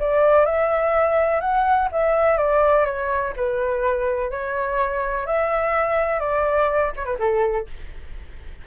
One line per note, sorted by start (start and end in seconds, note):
0.00 0.46 D5
0.46 1.41 E5
1.41 1.89 F#5
1.92 2.38 E5
2.38 2.86 D5
2.86 3.34 C#5
3.36 4.31 B4
4.31 5.27 C#5
5.27 6.20 E5
6.20 6.92 D5
6.97 7.06 C#5
7.06 7.18 B4
7.19 7.67 A4